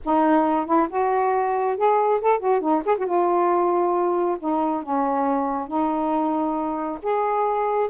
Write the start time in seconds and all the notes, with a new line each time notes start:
0.04 D#4
0.66 E4
0.89 F#4
1.77 G#4
2.21 A4
2.39 F#4
2.60 D#4
2.85 G#4
2.98 F#4
3.06 F4
4.39 D#4
4.83 C#4
5.67 D#4
7.02 G#4